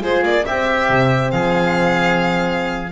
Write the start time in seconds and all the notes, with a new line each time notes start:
0.00 G#3 F4 G#4 C5
0.23 A#3 D5
0.44 C4 G4 E5
0.90 C3
1.31 F3 G#4 F5